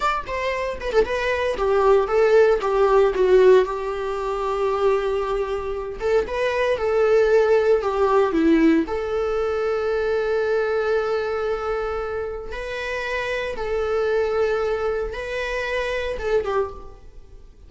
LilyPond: \new Staff \with { instrumentName = "viola" } { \time 4/4 \tempo 4 = 115 d''8 c''4 b'16 a'16 b'4 g'4 | a'4 g'4 fis'4 g'4~ | g'2.~ g'8 a'8 | b'4 a'2 g'4 |
e'4 a'2.~ | a'1 | b'2 a'2~ | a'4 b'2 a'8 g'8 | }